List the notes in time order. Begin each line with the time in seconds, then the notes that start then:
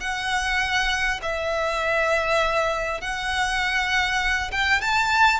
0.00 F#5
1.22 E5
3.01 F#5
4.51 G5
4.81 A5